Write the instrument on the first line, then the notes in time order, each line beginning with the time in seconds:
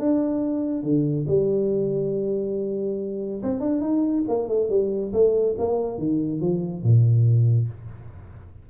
tuba
0.00 D4
0.84 D3
1.28 G3
3.43 C4
3.61 D4
3.81 D#4
4.29 A#3
4.49 A3
4.70 G3
5.14 A3
5.59 A#3
5.99 D#3
6.41 F3
6.83 A#2